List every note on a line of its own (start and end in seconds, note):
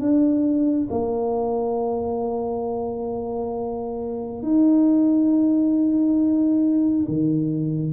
0.00 0.88 D4
0.91 4.42 A#3
4.42 7.07 D#4
7.08 7.93 D#3